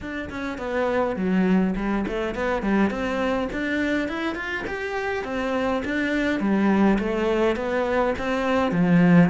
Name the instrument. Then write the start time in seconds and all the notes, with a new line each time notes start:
cello
0.00 D4
0.30 C#4
0.57 B3
1.16 F#3
1.76 G3
2.07 A3
2.34 B3
2.62 G3
2.90 C4
3.52 D4
4.08 E4
4.35 F4
4.67 G4
5.24 C4
5.85 D4
6.39 G3
6.98 A3
7.55 B3
8.18 C4
8.71 F3